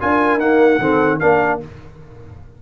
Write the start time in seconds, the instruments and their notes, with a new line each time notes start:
0.00 tuba D4, trombone F4, horn A#4, trumpet G#5
0.37 trombone A#3, tuba D#4, trumpet F#5
0.79 tuba D#3, trombone C4, horn A4
1.19 tuba A#3, trombone D4, horn A#4, trumpet F5